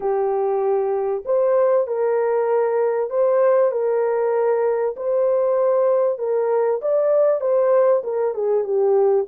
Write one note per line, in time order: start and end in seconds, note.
0.00 1.23 G4
1.25 1.87 C5
1.87 3.10 A#4
3.10 3.71 C5
3.71 4.95 A#4
4.96 6.18 C5
6.18 6.80 A#4
6.81 7.40 D5
7.40 8.02 C5
8.03 8.34 A#4
8.34 8.64 G#4
8.64 9.26 G4